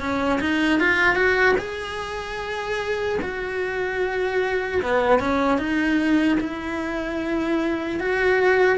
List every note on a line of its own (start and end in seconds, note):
0.00 0.40 C#4
0.40 0.80 D#4
0.80 1.16 F4
1.16 1.56 F#4
1.59 3.19 G#4
3.22 4.82 F#4
4.83 5.20 B3
5.20 5.58 C#4
5.58 6.38 D#4
6.40 8.00 E4
8.00 8.78 F#4